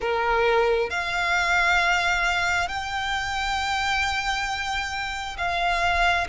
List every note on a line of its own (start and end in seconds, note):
0.00 0.90 A#4
0.90 2.68 F5
2.68 5.36 G5
5.37 6.27 F5